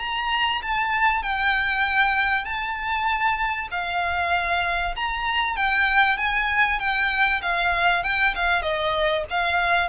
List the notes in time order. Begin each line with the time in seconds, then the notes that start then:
0.00 A#5
0.63 A5
1.23 G5
2.45 A5
3.72 F5
4.97 A#5
5.57 G5
6.18 G#5
6.80 G5
7.42 F5
8.04 G5
8.35 F5
8.63 D#5
9.31 F5